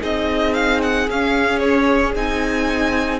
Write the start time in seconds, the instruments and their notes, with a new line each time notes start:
0.00 cello C4, viola D#4, violin G#4 D#5
0.54 violin F5
0.82 violin F#5
1.09 cello C#4, viola C#4, violin F5
1.58 violin C#5
2.15 cello C4, viola D#4, violin G#5